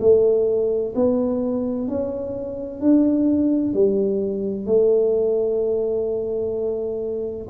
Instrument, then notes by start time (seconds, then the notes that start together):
tuba
0.00 A3
0.95 B3
1.88 C#4
2.81 D4
3.73 G3
4.66 A3